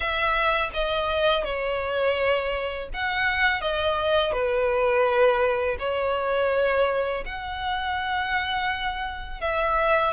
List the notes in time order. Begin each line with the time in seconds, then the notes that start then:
0.00 E5
0.73 D#5
1.44 C#5
2.93 F#5
3.61 D#5
4.32 B4
5.79 C#5
7.25 F#5
9.40 E5